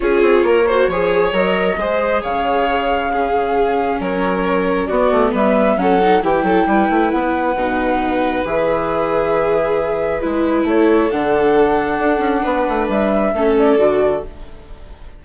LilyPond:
<<
  \new Staff \with { instrumentName = "flute" } { \time 4/4 \tempo 4 = 135 cis''2. dis''4~ | dis''4 f''2.~ | f''4 cis''2 d''4 | e''4 fis''4 g''2 |
fis''2. e''4~ | e''2. b'4 | cis''4 fis''2.~ | fis''4 e''4. d''4. | }
  \new Staff \with { instrumentName = "violin" } { \time 4/4 gis'4 ais'8 c''8 cis''2 | c''4 cis''2 gis'4~ | gis'4 ais'2 fis'4 | b'4 a'4 g'8 a'8 b'4~ |
b'1~ | b'1 | a'1 | b'2 a'2 | }
  \new Staff \with { instrumentName = "viola" } { \time 4/4 f'4. fis'8 gis'4 ais'4 | gis'2. cis'4~ | cis'2. b4~ | b4 cis'8 dis'8 e'2~ |
e'4 dis'2 gis'4~ | gis'2. e'4~ | e'4 d'2.~ | d'2 cis'4 fis'4 | }
  \new Staff \with { instrumentName = "bassoon" } { \time 4/4 cis'8 c'8 ais4 f4 fis4 | gis4 cis2.~ | cis4 fis2 b8 a8 | g4 fis4 e8 fis8 g8 a8 |
b4 b,2 e4~ | e2. gis4 | a4 d2 d'8 cis'8 | b8 a8 g4 a4 d4 | }
>>